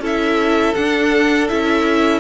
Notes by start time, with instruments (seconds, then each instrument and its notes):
0.00 cello C#4, viola E4, violin A4
0.06 violin E5
0.75 viola D4, cello D4, violin F#5
1.48 cello C#4, viola E4, violin E5